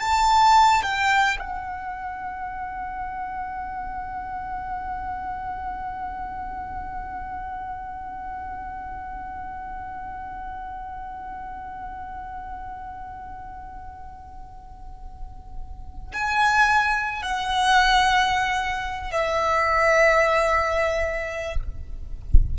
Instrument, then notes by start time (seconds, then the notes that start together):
violin
0.00 A5
0.82 G5
1.39 F#5
16.13 G#5
17.22 F#5
19.11 E5